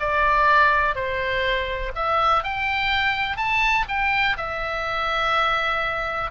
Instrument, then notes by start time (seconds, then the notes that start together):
oboe
0.00 D5
0.95 C5
1.95 E5
2.43 G5
3.37 A5
3.88 G5
4.37 E5